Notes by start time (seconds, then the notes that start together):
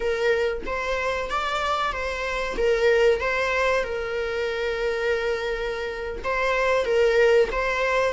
0.00 A#4
0.66 C5
1.30 D5
1.92 C5
2.57 A#4
3.20 C5
3.83 A#4
6.23 C5
6.85 A#4
7.51 C5